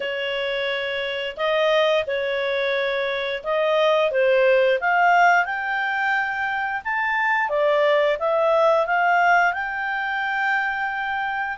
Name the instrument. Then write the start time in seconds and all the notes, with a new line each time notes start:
clarinet
0.00 C#5
1.36 D#5
2.06 C#5
3.43 D#5
4.11 C5
4.80 F5
5.45 G5
6.84 A5
7.49 D5
8.19 E5
8.86 F5
9.53 G5